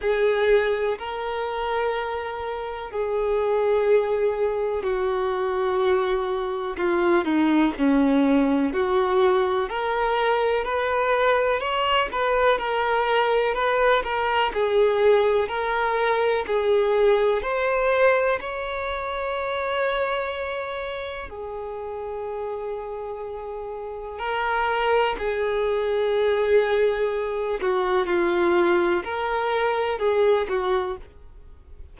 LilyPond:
\new Staff \with { instrumentName = "violin" } { \time 4/4 \tempo 4 = 62 gis'4 ais'2 gis'4~ | gis'4 fis'2 f'8 dis'8 | cis'4 fis'4 ais'4 b'4 | cis''8 b'8 ais'4 b'8 ais'8 gis'4 |
ais'4 gis'4 c''4 cis''4~ | cis''2 gis'2~ | gis'4 ais'4 gis'2~ | gis'8 fis'8 f'4 ais'4 gis'8 fis'8 | }